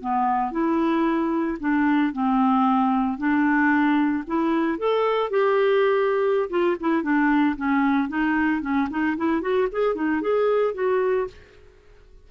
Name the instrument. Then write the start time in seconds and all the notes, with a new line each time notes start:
clarinet
0.00 B3
0.51 E4
1.59 D4
2.12 C4
3.17 D4
4.26 E4
4.78 A4
5.30 G4
6.49 F4
6.80 E4
7.02 D4
7.56 C#4
8.08 D#4
8.61 C#4
8.90 D#4
9.17 E4
9.41 F#4
9.71 G#4
9.95 D#4
10.21 G#4
10.74 F#4